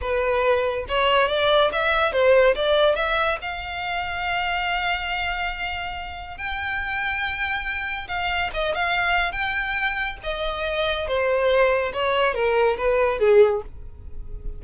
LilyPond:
\new Staff \with { instrumentName = "violin" } { \time 4/4 \tempo 4 = 141 b'2 cis''4 d''4 | e''4 c''4 d''4 e''4 | f''1~ | f''2. g''4~ |
g''2. f''4 | dis''8 f''4. g''2 | dis''2 c''2 | cis''4 ais'4 b'4 gis'4 | }